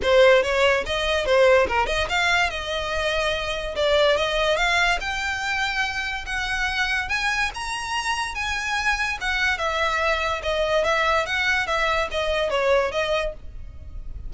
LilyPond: \new Staff \with { instrumentName = "violin" } { \time 4/4 \tempo 4 = 144 c''4 cis''4 dis''4 c''4 | ais'8 dis''8 f''4 dis''2~ | dis''4 d''4 dis''4 f''4 | g''2. fis''4~ |
fis''4 gis''4 ais''2 | gis''2 fis''4 e''4~ | e''4 dis''4 e''4 fis''4 | e''4 dis''4 cis''4 dis''4 | }